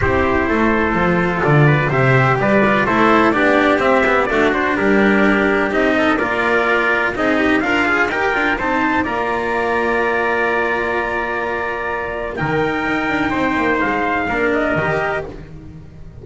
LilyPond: <<
  \new Staff \with { instrumentName = "trumpet" } { \time 4/4 \tempo 4 = 126 c''2. d''4 | e''4 d''4 c''4 d''4 | e''4 d''8 c''8 ais'2 | dis''4 d''2 dis''4 |
f''4 g''4 a''4 ais''4~ | ais''1~ | ais''2 g''2~ | g''4 f''4. dis''4. | }
  \new Staff \with { instrumentName = "trumpet" } { \time 4/4 g'4 a'2~ a'8 b'8 | c''4 b'4 a'4 g'4~ | g'4 fis'4 g'2~ | g'8 a'8 ais'2 gis'8 g'8 |
f'4 ais'4 c''4 d''4~ | d''1~ | d''2 ais'2 | c''2 ais'2 | }
  \new Staff \with { instrumentName = "cello" } { \time 4/4 e'2 f'2 | g'4. f'8 e'4 d'4 | c'8 b8 a8 d'2~ d'8 | dis'4 f'2 dis'4 |
ais'8 gis'8 g'8 f'8 dis'4 f'4~ | f'1~ | f'2 dis'2~ | dis'2 d'4 g'4 | }
  \new Staff \with { instrumentName = "double bass" } { \time 4/4 c'4 a4 f4 d4 | c4 g4 a4 b4 | c'4 d'4 g2 | c'4 ais2 c'4 |
d'4 dis'8 d'8 c'4 ais4~ | ais1~ | ais2 dis4 dis'8 d'8 | c'8 ais8 gis4 ais4 dis4 | }
>>